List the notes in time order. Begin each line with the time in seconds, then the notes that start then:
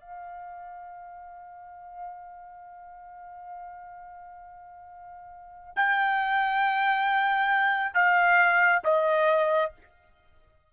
0.00 F5
5.76 G5
7.94 F5
8.84 D#5